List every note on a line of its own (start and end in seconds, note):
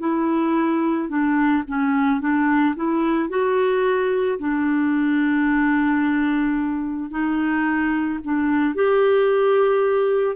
0.00 1.09 E4
1.09 1.64 D4
1.68 2.21 C#4
2.21 2.75 D4
2.76 3.30 E4
3.30 4.39 F#4
4.39 7.11 D4
7.11 8.20 D#4
8.24 8.75 D4
8.75 10.36 G4